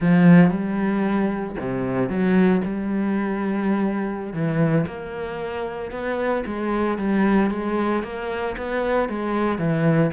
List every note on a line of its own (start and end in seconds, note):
0.00 0.50 F3
0.50 1.55 G3
1.59 2.09 C3
2.09 2.61 F#3
2.65 4.33 G3
4.33 4.85 E3
4.86 5.91 A#3
5.91 6.43 B3
6.46 6.97 G#3
6.97 7.50 G3
7.50 8.03 G#3
8.03 8.56 A#3
8.57 9.08 B3
9.08 9.58 G#3
9.58 10.11 E3